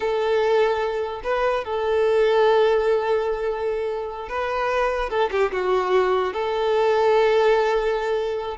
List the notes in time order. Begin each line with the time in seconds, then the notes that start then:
0.00 A4
1.23 B4
1.64 A4
4.28 B4
5.09 A4
5.31 G4
5.51 F#4
6.33 A4